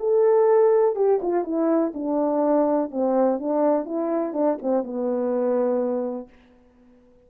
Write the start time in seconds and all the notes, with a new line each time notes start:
0.00 A4
0.96 G4
1.22 F4
1.44 E4
1.94 D4
2.91 C4
3.39 D4
3.86 E4
4.34 D4
4.62 C4
4.84 B3